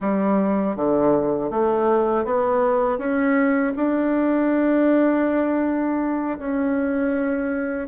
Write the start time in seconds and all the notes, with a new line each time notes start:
0.00 G3
0.76 D3
1.50 A3
2.24 B3
2.98 C#4
3.76 D4
6.38 C#4